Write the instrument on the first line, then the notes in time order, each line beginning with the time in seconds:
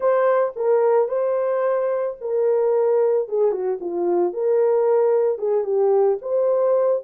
horn
0.00 C5
0.56 A#4
1.08 C5
2.20 A#4
3.28 G#4
3.51 F#4
3.80 F4
4.33 A#4
5.38 G#4
5.64 G4
6.21 C5